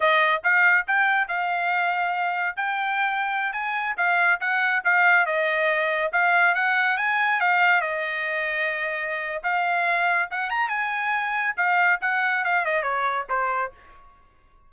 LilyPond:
\new Staff \with { instrumentName = "trumpet" } { \time 4/4 \tempo 4 = 140 dis''4 f''4 g''4 f''4~ | f''2 g''2~ | g''16 gis''4 f''4 fis''4 f''8.~ | f''16 dis''2 f''4 fis''8.~ |
fis''16 gis''4 f''4 dis''4.~ dis''16~ | dis''2 f''2 | fis''8 ais''8 gis''2 f''4 | fis''4 f''8 dis''8 cis''4 c''4 | }